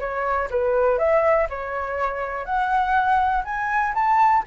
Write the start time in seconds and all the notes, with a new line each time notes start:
0.00 C#5
0.51 B4
0.99 E5
1.50 C#5
2.46 F#5
3.45 G#5
3.95 A5